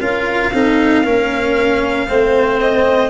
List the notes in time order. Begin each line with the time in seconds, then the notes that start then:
0.00 C#4 F4 A#4 F5
0.53 C4 D#4 A4
1.04 A#3 C#4 A#4
2.08 A3 C4 C5
2.61 D#5